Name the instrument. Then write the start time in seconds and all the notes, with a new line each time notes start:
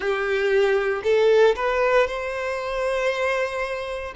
violin
0.00 G4
1.03 A4
1.55 B4
2.07 C5